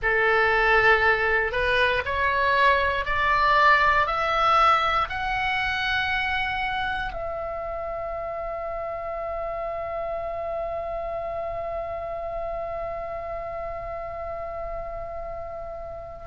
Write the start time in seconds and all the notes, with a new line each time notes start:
0.02 A4
1.52 B4
2.05 C#5
3.05 D5
4.06 E5
5.09 F#5
7.12 E5